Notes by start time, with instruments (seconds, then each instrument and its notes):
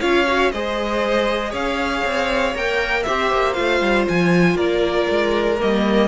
0.00 cello C#4, viola F4, violin C#5 F5
0.26 viola F#4
0.51 cello G#3, viola G#4, violin C5 D#5
1.50 cello C#4, violin C#5 F5
2.05 cello C4
2.54 cello A#3, viola A#4, violin G5
3.02 cello C4, viola G4, violin C5 E5
3.31 cello A#3
3.53 cello A3, viola F4, violin F5
3.81 cello G3
4.08 cello F3, violin G#5
4.55 cello A#3, violin A#4 D5
5.10 cello G#3
5.58 cello G3, viola A#3, violin D#5